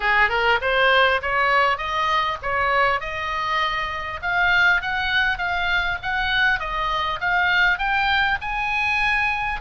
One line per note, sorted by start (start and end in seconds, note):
0.00 0.29 G#4
0.29 0.59 A#4
0.61 1.21 C5
1.22 1.77 C#5
1.77 2.37 D#5
2.42 3.00 C#5
3.00 4.20 D#5
4.22 4.81 F5
4.81 5.38 F#5
5.38 5.98 F5
6.02 6.59 F#5
6.59 7.19 D#5
7.20 7.78 F5
7.78 8.38 G5
8.41 9.60 G#5